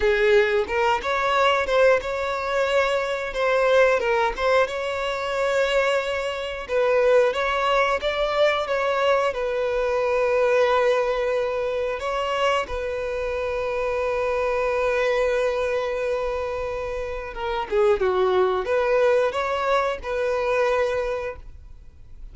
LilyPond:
\new Staff \with { instrumentName = "violin" } { \time 4/4 \tempo 4 = 90 gis'4 ais'8 cis''4 c''8 cis''4~ | cis''4 c''4 ais'8 c''8 cis''4~ | cis''2 b'4 cis''4 | d''4 cis''4 b'2~ |
b'2 cis''4 b'4~ | b'1~ | b'2 ais'8 gis'8 fis'4 | b'4 cis''4 b'2 | }